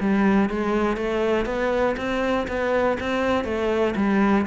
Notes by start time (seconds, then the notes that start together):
0.00 G3
0.49 G#3
0.96 A3
1.45 B3
1.96 C4
2.47 B3
3.00 C4
3.44 A3
3.95 G3